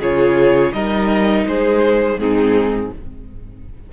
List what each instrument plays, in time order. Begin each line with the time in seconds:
0.00 cello C#3, viola F4, violin G#4 C#5
0.73 cello G3, viola D#4, violin A#4 D#5
1.47 cello G#3, violin G#4 C5
2.17 cello G#2, viola C4, violin D#4 G#4